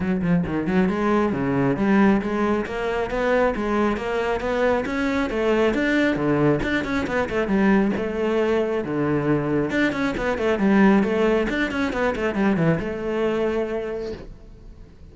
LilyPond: \new Staff \with { instrumentName = "cello" } { \time 4/4 \tempo 4 = 136 fis8 f8 dis8 fis8 gis4 cis4 | g4 gis4 ais4 b4 | gis4 ais4 b4 cis'4 | a4 d'4 d4 d'8 cis'8 |
b8 a8 g4 a2 | d2 d'8 cis'8 b8 a8 | g4 a4 d'8 cis'8 b8 a8 | g8 e8 a2. | }